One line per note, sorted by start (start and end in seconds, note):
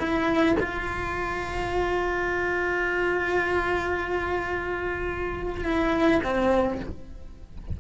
0.00 0.57 E4
0.60 5.65 F4
5.65 6.22 E4
6.24 6.81 C4